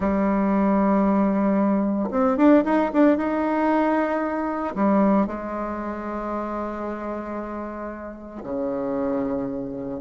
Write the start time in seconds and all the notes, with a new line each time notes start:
0.00 G3
2.11 C4
2.37 D4
2.65 D#4
2.93 D4
3.17 D#4
4.75 G3
5.26 G#3
8.43 C#3